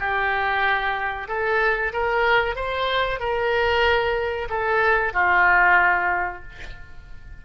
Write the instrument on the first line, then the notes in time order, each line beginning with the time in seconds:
oboe
0.00 G4
1.28 A4
1.94 A#4
2.56 C5
3.20 A#4
4.50 A4
5.14 F4